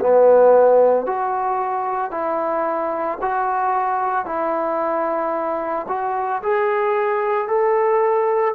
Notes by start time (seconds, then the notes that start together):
0.00 B3
1.06 F#4
2.10 E4
3.21 F#4
4.25 E4
5.88 F#4
6.42 G#4
7.48 A4